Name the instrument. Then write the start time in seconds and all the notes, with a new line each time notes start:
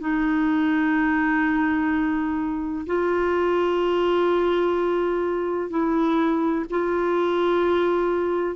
clarinet
0.00 D#4
2.87 F4
5.70 E4
6.70 F4